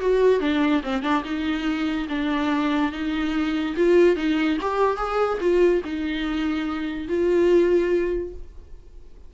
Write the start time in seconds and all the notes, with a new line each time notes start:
0.00 F#4
0.40 D4
0.83 C4
1.02 D4
1.24 D#4
2.08 D4
2.91 D#4
3.76 F4
4.16 D#4
4.61 G4
4.96 G#4
5.40 F4
5.84 D#4
7.08 F4